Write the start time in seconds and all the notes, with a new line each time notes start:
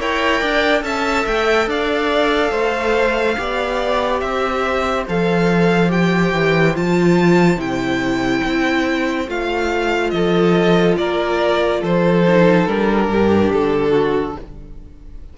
0.00 E4 A#4 C#5 G5
0.40 D4 D5
0.82 C#4 A4 E5 A5
1.27 A3 G5
1.67 D4 D5 F5
2.51 A3 C5
3.38 B3 G4 D5
4.20 C4 C5 E5
5.08 F3 A4 F5
5.89 G4 G5
6.33 E3
6.76 F3 F4 A5
7.57 C3 E4 G5
8.45 C4
9.27 A3 F4 F5
10.10 F3 A4 D#5
10.98 A#3 A#4 D5
11.81 F3 A4 C5
12.28 D#4
12.67 G3 D4 A#4
13.08 G2 G4
13.51 D3 A4
13.91 F#4